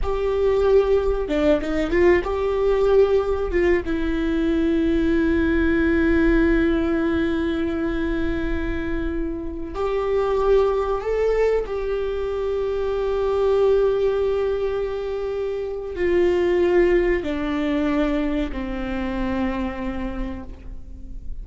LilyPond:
\new Staff \with { instrumentName = "viola" } { \time 4/4 \tempo 4 = 94 g'2 d'8 dis'8 f'8 g'8~ | g'4. f'8 e'2~ | e'1~ | e'2.~ e'16 g'8.~ |
g'4~ g'16 a'4 g'4.~ g'16~ | g'1~ | g'4 f'2 d'4~ | d'4 c'2. | }